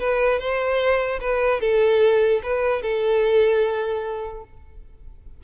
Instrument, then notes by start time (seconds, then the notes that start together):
violin
0.00 B4
0.40 C5
1.21 B4
1.61 A4
2.43 B4
2.83 A4